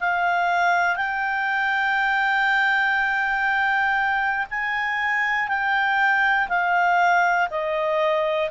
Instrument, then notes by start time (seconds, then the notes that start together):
clarinet
0.00 F5
0.96 G5
4.50 G#5
5.48 G5
6.49 F5
7.50 D#5